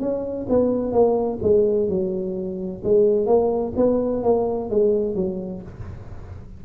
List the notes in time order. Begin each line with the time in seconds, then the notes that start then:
0.00 C#4
0.49 B3
0.92 A#3
1.43 G#3
1.89 F#3
2.84 G#3
3.26 A#3
3.77 B3
4.23 A#3
4.70 G#3
5.16 F#3